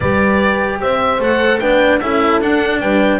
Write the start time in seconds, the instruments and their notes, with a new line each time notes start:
0.00 double bass G3, cello G4, horn B4, oboe D5
0.80 double bass C4, horn C5, oboe E5
1.19 double bass A3, cello A4, oboe F#5
1.59 double bass B3, cello D4, horn B4, oboe G5
2.00 double bass C#4, cello E4, horn A4, oboe E5
2.40 double bass D4, cello D4, oboe F#5
2.80 double bass G3, horn B4, oboe G5